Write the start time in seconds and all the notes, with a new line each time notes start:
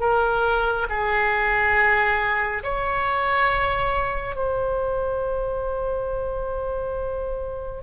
0.00 A#4
0.89 G#4
2.64 C#5
4.36 C5